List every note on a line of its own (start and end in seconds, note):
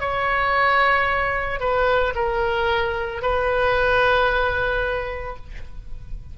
0.00 1.60 C#5
1.60 2.13 B4
2.15 3.22 A#4
3.22 5.36 B4